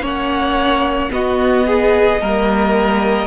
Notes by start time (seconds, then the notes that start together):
0.00 A#3 C#4 C#5
0.06 F#5
1.10 B3 F#4 D#5
1.66 G#4
2.20 G3 A#3 A#4